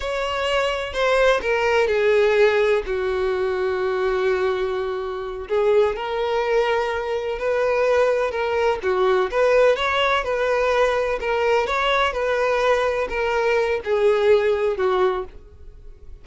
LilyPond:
\new Staff \with { instrumentName = "violin" } { \time 4/4 \tempo 4 = 126 cis''2 c''4 ais'4 | gis'2 fis'2~ | fis'2.~ fis'8 gis'8~ | gis'8 ais'2. b'8~ |
b'4. ais'4 fis'4 b'8~ | b'8 cis''4 b'2 ais'8~ | ais'8 cis''4 b'2 ais'8~ | ais'4 gis'2 fis'4 | }